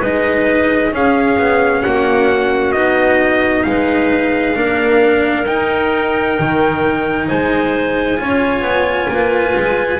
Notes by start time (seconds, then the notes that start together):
0.00 G#3 D#4 B4 D#5
0.92 C#4 G#4 F5
1.38 B3
1.83 A#3 F#4 F#5
2.73 B3 D#4 D#5
3.63 G#3 B4 F5
4.55 A#3 D4 A#4
5.47 D#4 G5
6.40 D#3
7.28 G#3 C5 G#5
8.17 C#4 F4 C#5
8.62 B3
9.09 A#3 B4
9.56 G#3